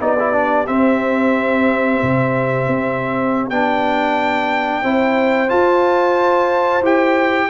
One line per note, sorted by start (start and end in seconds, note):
0.00 0.68 B3
0.00 0.17 D#4
0.00 4.82 G4
0.00 0.67 D5
0.20 0.33 E4
0.33 0.66 D4
0.67 3.51 C4
0.67 2.02 C4
0.67 3.50 E5
2.03 2.67 C3
2.67 3.51 C4
3.50 4.84 B3
3.50 4.84 D4
3.50 5.50 G5
4.82 5.51 C4
4.82 5.49 E4
4.82 7.49 C5
5.49 6.82 F4
5.49 6.83 A5
6.82 7.48 E4
6.82 7.50 G4
6.82 7.50 G5